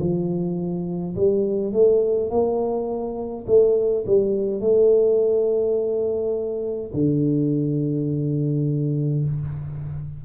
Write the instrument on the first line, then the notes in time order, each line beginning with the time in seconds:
tuba
0.00 F3
1.16 G3
1.73 A3
2.30 A#3
3.47 A3
4.06 G3
4.61 A3
6.94 D3